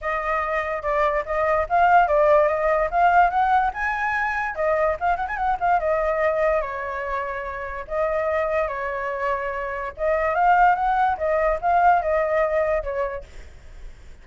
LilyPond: \new Staff \with { instrumentName = "flute" } { \time 4/4 \tempo 4 = 145 dis''2 d''4 dis''4 | f''4 d''4 dis''4 f''4 | fis''4 gis''2 dis''4 | f''8 fis''16 gis''16 fis''8 f''8 dis''2 |
cis''2. dis''4~ | dis''4 cis''2. | dis''4 f''4 fis''4 dis''4 | f''4 dis''2 cis''4 | }